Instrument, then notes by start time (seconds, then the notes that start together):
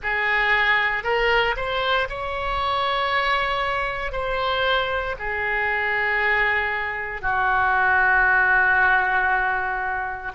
oboe
0.02 G#4
1.03 A#4
1.56 C5
2.09 C#5
4.11 C5
5.19 G#4
7.21 F#4